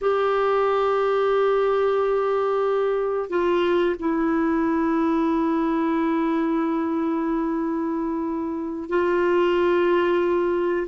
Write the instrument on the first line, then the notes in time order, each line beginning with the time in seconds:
clarinet
0.01 G4
3.29 F4
3.99 E4
8.89 F4